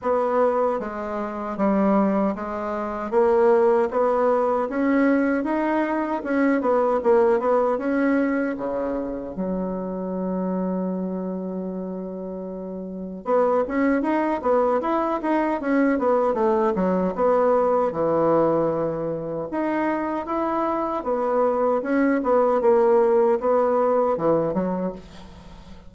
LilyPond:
\new Staff \with { instrumentName = "bassoon" } { \time 4/4 \tempo 4 = 77 b4 gis4 g4 gis4 | ais4 b4 cis'4 dis'4 | cis'8 b8 ais8 b8 cis'4 cis4 | fis1~ |
fis4 b8 cis'8 dis'8 b8 e'8 dis'8 | cis'8 b8 a8 fis8 b4 e4~ | e4 dis'4 e'4 b4 | cis'8 b8 ais4 b4 e8 fis8 | }